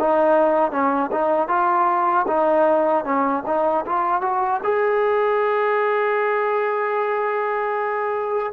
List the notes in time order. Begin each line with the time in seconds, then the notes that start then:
0.00 D#4
0.72 C#4
1.12 D#4
1.49 F4
2.28 D#4
3.05 C#4
3.47 D#4
3.86 F4
4.22 F#4
4.64 G#4